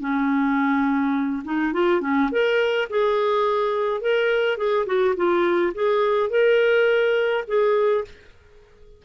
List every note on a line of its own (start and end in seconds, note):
0.00 1.43 C#4
1.44 1.73 D#4
1.73 2.01 F4
2.01 2.30 C#4
2.31 2.88 A#4
2.90 4.01 G#4
4.01 4.57 A#4
4.57 4.86 G#4
4.86 5.15 F#4
5.16 5.73 F4
5.74 6.30 G#4
6.30 7.44 A#4
7.47 8.04 G#4